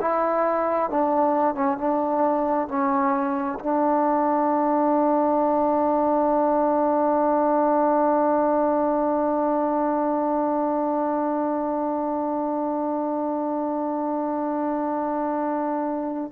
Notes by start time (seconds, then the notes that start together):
0.00 E4
0.90 D4
1.55 C#4
1.77 D4
2.68 C#4
3.60 D4